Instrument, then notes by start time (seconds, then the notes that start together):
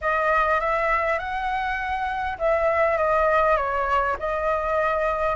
flute
0.01 D#5
0.60 E5
1.19 F#5
2.38 E5
2.97 D#5
3.56 C#5
4.19 D#5